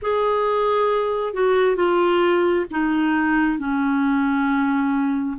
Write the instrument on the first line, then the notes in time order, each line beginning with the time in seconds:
clarinet
0.02 G#4
1.33 F#4
1.76 F4
2.71 D#4
3.58 C#4